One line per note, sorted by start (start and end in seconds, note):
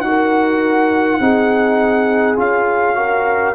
0.00 1.18 D#4
0.00 1.20 F#4
0.00 2.35 F#5
0.07 1.21 A#4
1.20 2.37 C4
1.20 2.36 D#4
1.20 2.97 G#4
2.36 3.55 C#4
2.36 2.94 F4
2.36 3.55 F5
2.94 3.53 F#4
2.94 3.55 A#4